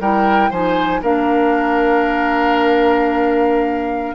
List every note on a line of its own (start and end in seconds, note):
0.00 0.50 G3
0.00 0.52 E4
0.00 0.50 A#4
0.00 0.52 G5
0.50 1.02 F3
0.50 1.03 D#4
0.50 1.01 C5
0.50 1.03 G#5
1.02 4.15 A#3
1.02 4.15 D4
1.02 4.15 A#4
1.02 4.15 F5